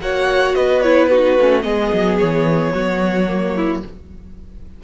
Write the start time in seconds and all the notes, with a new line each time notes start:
0.00 A#3 F#4 C#5 F#5
0.55 B3 B4 D#5
0.81 E4 C#5
1.06 D#4 F#4 B4
1.39 A3 C#4
1.62 G#3 B3 G#4 D#5
1.93 F#3
2.19 E3 C#5
2.74 F#3 F#4
3.28 A#3
3.56 E4